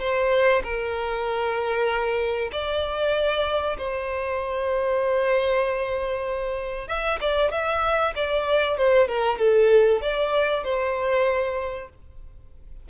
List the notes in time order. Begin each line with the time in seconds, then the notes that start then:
0.00 C5
0.64 A#4
2.53 D5
3.78 C5
6.88 E5
7.21 D5
7.52 E5
8.16 D5
8.78 C5
9.08 A#4
9.39 A4
10.02 D5
10.64 C5